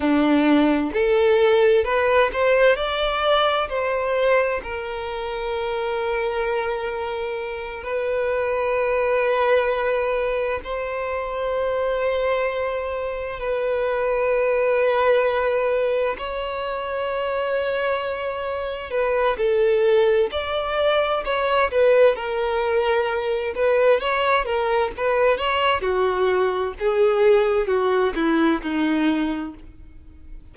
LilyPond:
\new Staff \with { instrumentName = "violin" } { \time 4/4 \tempo 4 = 65 d'4 a'4 b'8 c''8 d''4 | c''4 ais'2.~ | ais'8 b'2. c''8~ | c''2~ c''8 b'4.~ |
b'4. cis''2~ cis''8~ | cis''8 b'8 a'4 d''4 cis''8 b'8 | ais'4. b'8 cis''8 ais'8 b'8 cis''8 | fis'4 gis'4 fis'8 e'8 dis'4 | }